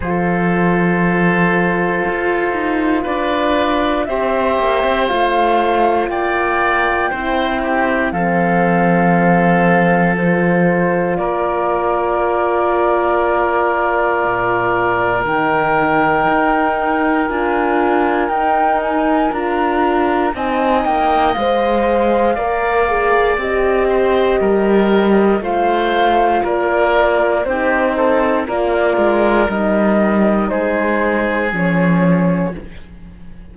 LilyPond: <<
  \new Staff \with { instrumentName = "flute" } { \time 4/4 \tempo 4 = 59 c''2. d''4 | e''4 f''4 g''2 | f''2 c''4 d''4~ | d''2. g''4~ |
g''4 gis''4 g''8 gis''8 ais''4 | gis''8 g''8 f''2 dis''4~ | dis''4 f''4 d''4 c''4 | d''4 dis''4 c''4 cis''4 | }
  \new Staff \with { instrumentName = "oboe" } { \time 4/4 a'2. b'4 | c''2 d''4 c''8 g'8 | a'2. ais'4~ | ais'1~ |
ais'1 | dis''2 d''4. c''8 | ais'4 c''4 ais'4 g'8 a'8 | ais'2 gis'2 | }
  \new Staff \with { instrumentName = "horn" } { \time 4/4 f'1 | g'4 f'2 e'4 | c'2 f'2~ | f'2. dis'4~ |
dis'4 f'4 dis'4 f'4 | dis'4 c''4 ais'8 gis'8 g'4~ | g'4 f'2 dis'4 | f'4 dis'2 cis'4 | }
  \new Staff \with { instrumentName = "cello" } { \time 4/4 f2 f'8 dis'8 d'4 | c'8 ais16 c'16 a4 ais4 c'4 | f2. ais4~ | ais2 ais,4 dis4 |
dis'4 d'4 dis'4 d'4 | c'8 ais8 gis4 ais4 c'4 | g4 a4 ais4 c'4 | ais8 gis8 g4 gis4 f4 | }
>>